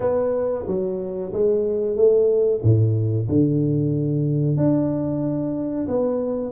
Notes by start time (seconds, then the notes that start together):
0.00 B3
0.67 F#3
1.32 G#3
1.96 A3
2.62 A2
3.28 D3
4.57 D4
5.88 B3